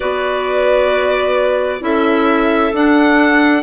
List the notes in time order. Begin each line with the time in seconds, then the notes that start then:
0.00 B3 F#4 B4 D5
1.80 C#4 E4 A4 E5
2.72 D4 F#5